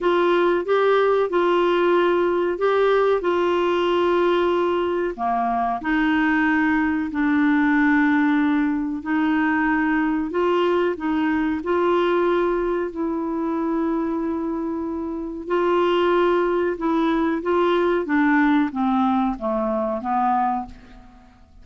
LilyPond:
\new Staff \with { instrumentName = "clarinet" } { \time 4/4 \tempo 4 = 93 f'4 g'4 f'2 | g'4 f'2. | ais4 dis'2 d'4~ | d'2 dis'2 |
f'4 dis'4 f'2 | e'1 | f'2 e'4 f'4 | d'4 c'4 a4 b4 | }